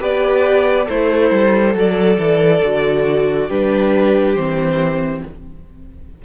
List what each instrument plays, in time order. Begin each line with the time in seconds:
0.00 cello B3, viola G4, violin B4 D5
0.86 cello A3, violin E4 C5, viola A4
1.32 cello G3
1.75 cello F#3, violin A4 D5
2.19 cello E3
2.64 cello D3, viola F#4
3.47 cello G3, viola D4, violin G4 B4
4.36 cello E3, viola C4, violin C5